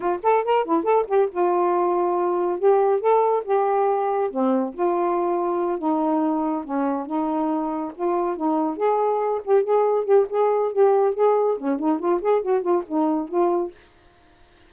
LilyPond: \new Staff \with { instrumentName = "saxophone" } { \time 4/4 \tempo 4 = 140 f'8 a'8 ais'8 e'8 a'8 g'8 f'4~ | f'2 g'4 a'4 | g'2 c'4 f'4~ | f'4. dis'2 cis'8~ |
cis'8 dis'2 f'4 dis'8~ | dis'8 gis'4. g'8 gis'4 g'8 | gis'4 g'4 gis'4 cis'8 dis'8 | f'8 gis'8 fis'8 f'8 dis'4 f'4 | }